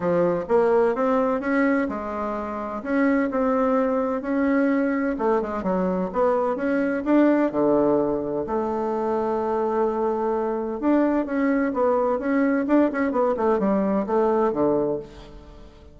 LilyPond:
\new Staff \with { instrumentName = "bassoon" } { \time 4/4 \tempo 4 = 128 f4 ais4 c'4 cis'4 | gis2 cis'4 c'4~ | c'4 cis'2 a8 gis8 | fis4 b4 cis'4 d'4 |
d2 a2~ | a2. d'4 | cis'4 b4 cis'4 d'8 cis'8 | b8 a8 g4 a4 d4 | }